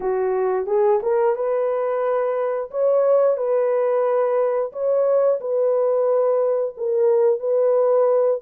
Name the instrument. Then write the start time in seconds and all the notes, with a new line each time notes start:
horn
0.00 F#4
0.66 G#4
1.02 A#4
1.35 B4
2.70 C#5
3.37 B4
4.72 C#5
5.40 B4
6.77 A#4
7.39 B4